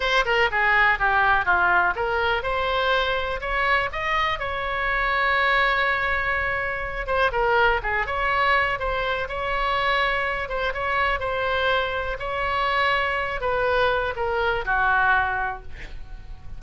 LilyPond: \new Staff \with { instrumentName = "oboe" } { \time 4/4 \tempo 4 = 123 c''8 ais'8 gis'4 g'4 f'4 | ais'4 c''2 cis''4 | dis''4 cis''2.~ | cis''2~ cis''8 c''8 ais'4 |
gis'8 cis''4. c''4 cis''4~ | cis''4. c''8 cis''4 c''4~ | c''4 cis''2~ cis''8 b'8~ | b'4 ais'4 fis'2 | }